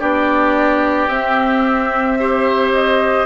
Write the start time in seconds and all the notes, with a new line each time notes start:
0.00 B3 D4 G4 D5
1.08 C4 E5
2.20 G4 C5
2.74 D#5